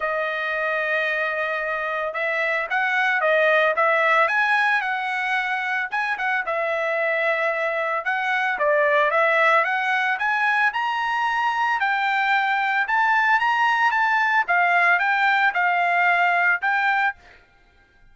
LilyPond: \new Staff \with { instrumentName = "trumpet" } { \time 4/4 \tempo 4 = 112 dis''1 | e''4 fis''4 dis''4 e''4 | gis''4 fis''2 gis''8 fis''8 | e''2. fis''4 |
d''4 e''4 fis''4 gis''4 | ais''2 g''2 | a''4 ais''4 a''4 f''4 | g''4 f''2 g''4 | }